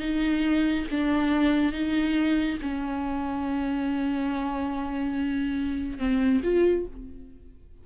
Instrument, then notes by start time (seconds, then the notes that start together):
viola
0.00 D#4
0.91 D4
1.73 D#4
2.62 C#4
5.98 C4
6.43 F4